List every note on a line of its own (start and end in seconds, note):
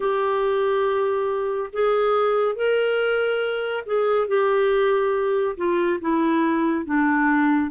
0.00 1.70 G4
1.72 2.55 G#4
2.55 3.84 A#4
3.86 4.27 G#4
4.27 5.56 G4
5.56 5.99 F4
6.00 6.85 E4
6.85 7.70 D4